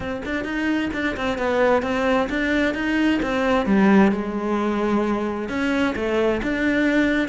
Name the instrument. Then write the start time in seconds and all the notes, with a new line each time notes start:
cello
0.00 C4
0.25 D4
0.44 D#4
0.93 D4
1.16 C4
1.38 B3
1.82 C4
2.29 D4
2.74 D#4
3.22 C4
3.66 G3
4.11 G#3
5.48 C#4
5.95 A3
6.42 D4